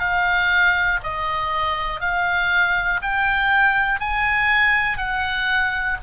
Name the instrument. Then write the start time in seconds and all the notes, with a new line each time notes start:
oboe
0.00 F5
1.03 D#5
2.00 F5
3.02 G5
4.00 G#5
4.98 F#5